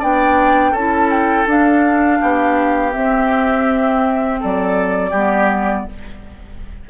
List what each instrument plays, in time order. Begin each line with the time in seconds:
0.00 bassoon B3, clarinet D4, oboe D5, flute G5
0.72 bassoon C#4, clarinet E4, oboe A4, flute A5
1.11 flute G5
1.47 bassoon D4, clarinet D4, flute F5
2.21 bassoon B3, oboe G4
2.92 clarinet C4, bassoon C4, flute E5
4.40 bassoon F#3, oboe A4, flute D5
5.11 bassoon G3, clarinet B3, oboe G4